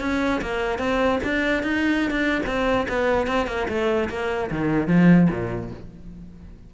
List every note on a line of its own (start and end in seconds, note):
0.00 0.41 C#4
0.41 0.78 A#3
0.78 1.19 C4
1.23 1.63 D4
1.63 2.10 D#4
2.10 2.41 D4
2.46 2.87 C4
2.88 3.27 B3
3.27 3.47 C4
3.47 3.67 A#3
3.68 4.09 A3
4.09 4.50 A#3
4.50 4.87 D#3
4.87 5.28 F3
5.30 5.71 A#2